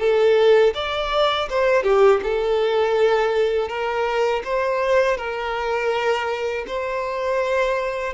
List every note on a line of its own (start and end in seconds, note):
0.00 0.74 A4
0.75 1.49 D5
1.50 1.84 C5
1.84 2.21 G4
2.24 3.69 A4
3.69 4.43 A#4
4.45 5.18 C5
5.18 6.66 A#4
6.68 8.14 C5